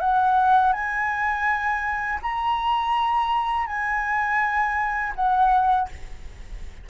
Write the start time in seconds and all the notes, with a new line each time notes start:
0.00 F#5
0.73 G#5
2.22 A#5
3.67 G#5
5.15 F#5